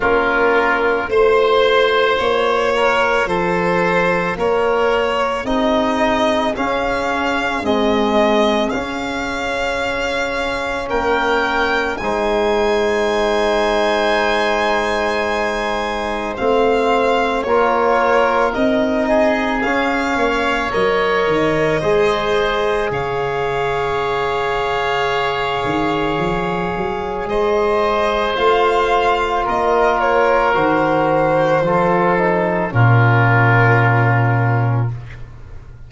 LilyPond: <<
  \new Staff \with { instrumentName = "violin" } { \time 4/4 \tempo 4 = 55 ais'4 c''4 cis''4 c''4 | cis''4 dis''4 f''4 dis''4 | f''2 g''4 gis''4~ | gis''2. f''4 |
cis''4 dis''4 f''4 dis''4~ | dis''4 f''2.~ | f''4 dis''4 f''4 dis''8 cis''8 | c''2 ais'2 | }
  \new Staff \with { instrumentName = "oboe" } { \time 4/4 f'4 c''4. ais'8 a'4 | ais'4 gis'2.~ | gis'2 ais'4 c''4~ | c''1 |
ais'4. gis'4 cis''4. | c''4 cis''2.~ | cis''4 c''2 ais'4~ | ais'4 a'4 f'2 | }
  \new Staff \with { instrumentName = "trombone" } { \time 4/4 cis'4 f'2.~ | f'4 dis'4 cis'4 gis4 | cis'2. dis'4~ | dis'2. c'4 |
f'4 dis'4 cis'4 ais'4 | gis'1~ | gis'2 f'2 | fis'4 f'8 dis'8 cis'2 | }
  \new Staff \with { instrumentName = "tuba" } { \time 4/4 ais4 a4 ais4 f4 | ais4 c'4 cis'4 c'4 | cis'2 ais4 gis4~ | gis2. a4 |
ais4 c'4 cis'8 ais8 fis8 dis8 | gis4 cis2~ cis8 dis8 | f8 fis8 gis4 a4 ais4 | dis4 f4 ais,2 | }
>>